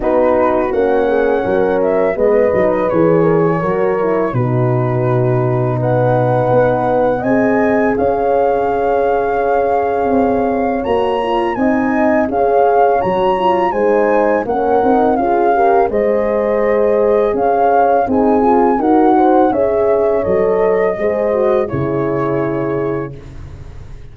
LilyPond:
<<
  \new Staff \with { instrumentName = "flute" } { \time 4/4 \tempo 4 = 83 b'4 fis''4. e''8 dis''4 | cis''2 b'2 | fis''2 gis''4 f''4~ | f''2. ais''4 |
gis''4 f''4 ais''4 gis''4 | fis''4 f''4 dis''2 | f''4 gis''4 fis''4 e''4 | dis''2 cis''2 | }
  \new Staff \with { instrumentName = "horn" } { \time 4/4 fis'4. gis'8 ais'4 b'4~ | b'8 ais'16 gis'16 ais'4 fis'2 | b'2 dis''4 cis''4~ | cis''1 |
dis''4 cis''2 c''4 | ais'4 gis'8 ais'8 c''2 | cis''4 gis'4 ais'8 c''8 cis''4~ | cis''4 c''4 gis'2 | }
  \new Staff \with { instrumentName = "horn" } { \time 4/4 dis'4 cis'2 b8 dis'8 | gis'4 fis'8 e'8 dis'2~ | dis'2 gis'2~ | gis'2. fis'8 f'8 |
dis'4 gis'4 fis'8 f'8 dis'4 | cis'8 dis'8 f'8 g'8 gis'2~ | gis'4 dis'8 f'8 fis'4 gis'4 | a'4 gis'8 fis'8 e'2 | }
  \new Staff \with { instrumentName = "tuba" } { \time 4/4 b4 ais4 fis4 gis8 fis8 | e4 fis4 b,2~ | b,4 b4 c'4 cis'4~ | cis'2 c'4 ais4 |
c'4 cis'4 fis4 gis4 | ais8 c'8 cis'4 gis2 | cis'4 c'4 dis'4 cis'4 | fis4 gis4 cis2 | }
>>